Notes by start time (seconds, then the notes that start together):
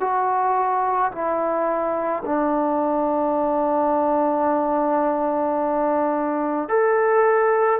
0.00 F#4
1.12 E4
2.25 D4
6.68 A4